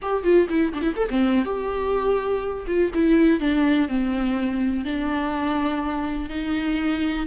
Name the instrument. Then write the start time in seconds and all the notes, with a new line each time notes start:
viola
0.01 G4
0.23 F4
0.49 E4
0.73 D4
0.81 E4
0.96 A4
1.09 C4
1.45 G4
2.67 F4
2.93 E4
3.39 D4
3.88 C4
4.84 D4
6.29 D#4